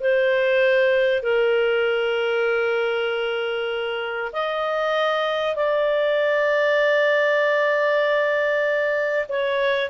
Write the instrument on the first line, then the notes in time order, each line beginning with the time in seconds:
clarinet
0.00 C5
1.23 A#4
4.33 D#5
5.56 D5
9.29 C#5